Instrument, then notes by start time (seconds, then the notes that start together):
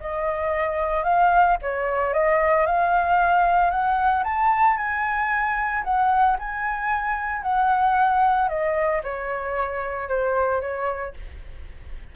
flute
0.00 D#5
1.03 F5
1.61 C#5
2.13 D#5
2.66 F5
3.70 F#5
4.24 A5
4.77 G#5
5.84 F#5
6.39 G#5
7.42 F#5
8.48 D#5
9.03 C#5
10.08 C5
10.60 C#5